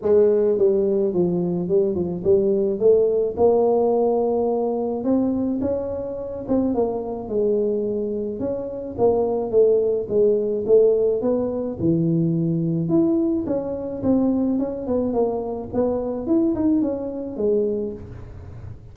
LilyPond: \new Staff \with { instrumentName = "tuba" } { \time 4/4 \tempo 4 = 107 gis4 g4 f4 g8 f8 | g4 a4 ais2~ | ais4 c'4 cis'4. c'8 | ais4 gis2 cis'4 |
ais4 a4 gis4 a4 | b4 e2 e'4 | cis'4 c'4 cis'8 b8 ais4 | b4 e'8 dis'8 cis'4 gis4 | }